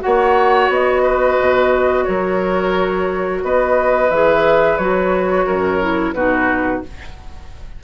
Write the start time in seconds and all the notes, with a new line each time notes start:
0.00 A#3 F#4 C#5 F#5
0.69 B3 D#5
1.02 B4
1.40 B2
2.05 F#3 A#4 C#5
3.43 B3 B4 D#5
4.10 E3 G#4 E5
4.78 F#3 F#4 C#5
5.46 F#2 A#4
5.80 E4
6.13 B2 D#4 F#4 B4